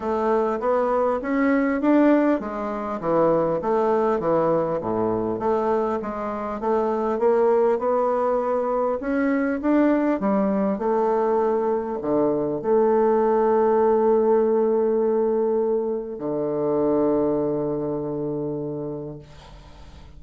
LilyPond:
\new Staff \with { instrumentName = "bassoon" } { \time 4/4 \tempo 4 = 100 a4 b4 cis'4 d'4 | gis4 e4 a4 e4 | a,4 a4 gis4 a4 | ais4 b2 cis'4 |
d'4 g4 a2 | d4 a2.~ | a2. d4~ | d1 | }